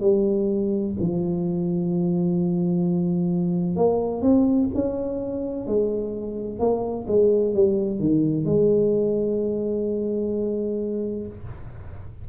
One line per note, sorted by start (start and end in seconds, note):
0.00 0.94 G3
1.00 3.75 F3
3.75 4.21 A#3
4.21 4.68 C4
4.74 5.66 C#4
5.66 6.59 G#3
6.59 7.06 A#3
7.07 7.54 G#3
7.54 7.99 G3
7.99 8.45 D#3
8.45 11.26 G#3